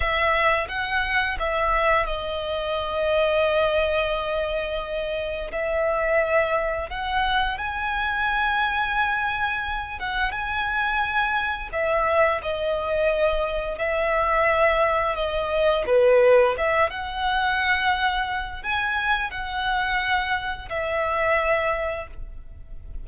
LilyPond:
\new Staff \with { instrumentName = "violin" } { \time 4/4 \tempo 4 = 87 e''4 fis''4 e''4 dis''4~ | dis''1 | e''2 fis''4 gis''4~ | gis''2~ gis''8 fis''8 gis''4~ |
gis''4 e''4 dis''2 | e''2 dis''4 b'4 | e''8 fis''2~ fis''8 gis''4 | fis''2 e''2 | }